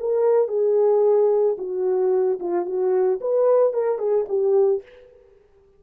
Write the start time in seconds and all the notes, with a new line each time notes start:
0.00 A#4
0.49 G#4
1.58 F#4
2.40 F4
2.66 F#4
3.21 B4
3.74 A#4
3.99 G#4
4.29 G4